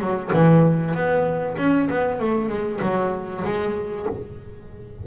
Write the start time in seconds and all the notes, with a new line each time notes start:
0.00 F#3
0.33 E3
0.94 B3
1.58 C#4
1.90 B3
2.20 A3
2.49 G#3
2.81 F#3
3.44 G#3